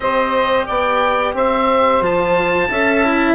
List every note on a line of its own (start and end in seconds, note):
0.00 0.67 C4
0.00 2.01 G4
0.00 0.66 C5
0.00 0.66 D#5
0.66 1.34 B3
0.66 1.34 D5
0.66 1.34 G5
1.34 2.01 C4
1.34 2.69 C5
1.34 2.04 E5
2.01 2.68 F3
2.01 2.69 F4
2.01 3.34 A5
2.69 3.34 C#4
2.69 3.04 A4
2.69 3.34 E5
3.04 3.34 E4